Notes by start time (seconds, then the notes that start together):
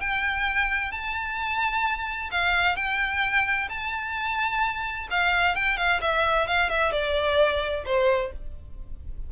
0.00 G5
0.92 A5
2.31 F5
2.76 G5
3.69 A5
5.11 F5
5.55 G5
5.77 F5
6.01 E5
6.47 F5
6.70 E5
6.92 D5
7.86 C5